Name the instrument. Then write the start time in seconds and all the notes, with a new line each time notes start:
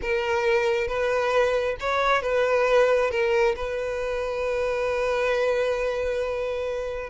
violin
0.01 A#4
0.87 B4
1.80 C#5
2.22 B4
3.10 A#4
3.56 B4